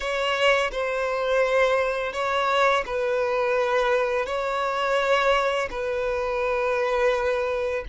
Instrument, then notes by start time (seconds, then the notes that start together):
violin
0.00 C#5
0.71 C5
2.12 C#5
2.86 B4
4.25 C#5
5.70 B4